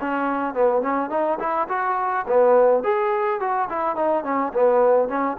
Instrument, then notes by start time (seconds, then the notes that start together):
trombone
0.00 C#4
0.54 B3
0.81 C#4
1.10 D#4
1.39 E4
1.68 F#4
2.27 B3
2.83 G#4
3.40 F#4
3.69 E4
3.96 D#4
4.24 C#4
4.53 B3
5.08 C#4